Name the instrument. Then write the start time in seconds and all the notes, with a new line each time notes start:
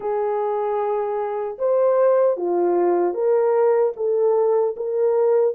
horn
0.00 G#4
1.58 C5
2.36 F4
3.14 A#4
3.96 A4
4.76 A#4